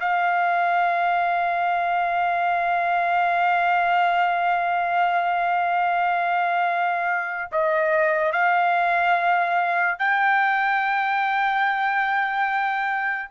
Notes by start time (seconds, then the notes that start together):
0.00 F5
7.52 D#5
8.32 F5
9.98 G5